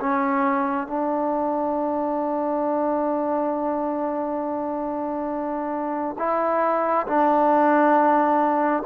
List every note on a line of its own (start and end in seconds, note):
0.00 0.87 C#4
0.87 6.16 D4
6.18 7.06 E4
7.07 8.83 D4